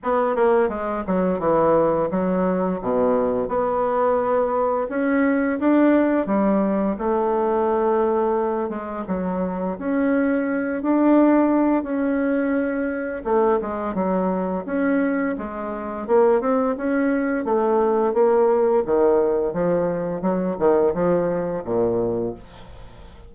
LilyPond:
\new Staff \with { instrumentName = "bassoon" } { \time 4/4 \tempo 4 = 86 b8 ais8 gis8 fis8 e4 fis4 | b,4 b2 cis'4 | d'4 g4 a2~ | a8 gis8 fis4 cis'4. d'8~ |
d'4 cis'2 a8 gis8 | fis4 cis'4 gis4 ais8 c'8 | cis'4 a4 ais4 dis4 | f4 fis8 dis8 f4 ais,4 | }